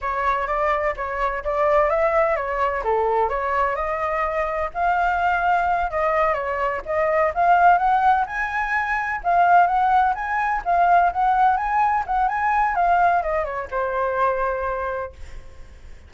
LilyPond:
\new Staff \with { instrumentName = "flute" } { \time 4/4 \tempo 4 = 127 cis''4 d''4 cis''4 d''4 | e''4 cis''4 a'4 cis''4 | dis''2 f''2~ | f''8 dis''4 cis''4 dis''4 f''8~ |
f''8 fis''4 gis''2 f''8~ | f''8 fis''4 gis''4 f''4 fis''8~ | fis''8 gis''4 fis''8 gis''4 f''4 | dis''8 cis''8 c''2. | }